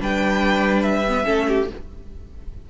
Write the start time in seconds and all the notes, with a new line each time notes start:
0.00 G3 D4 B4 G5
0.83 E5
1.09 B3
1.25 A3 C#4 A4
1.49 G4